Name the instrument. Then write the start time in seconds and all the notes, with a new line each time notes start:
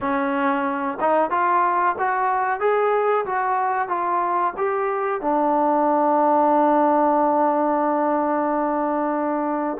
trombone
0.00 C#4
1.00 D#4
1.30 F4
1.98 F#4
2.60 G#4
3.25 F#4
3.88 F4
4.57 G4
5.21 D4